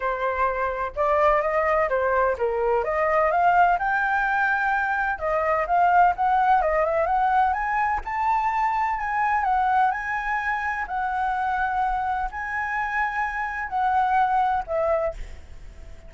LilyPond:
\new Staff \with { instrumentName = "flute" } { \time 4/4 \tempo 4 = 127 c''2 d''4 dis''4 | c''4 ais'4 dis''4 f''4 | g''2. dis''4 | f''4 fis''4 dis''8 e''8 fis''4 |
gis''4 a''2 gis''4 | fis''4 gis''2 fis''4~ | fis''2 gis''2~ | gis''4 fis''2 e''4 | }